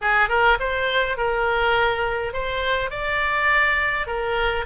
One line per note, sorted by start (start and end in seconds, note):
0.01 0.29 G#4
0.29 0.58 A#4
0.59 1.17 C5
1.17 2.33 A#4
2.33 2.90 C5
2.90 4.06 D5
4.06 4.65 A#4